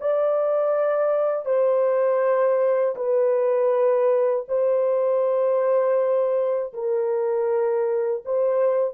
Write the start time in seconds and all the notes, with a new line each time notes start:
0.00 D5
1.45 C5
2.96 B4
4.48 C5
6.73 A#4
8.25 C5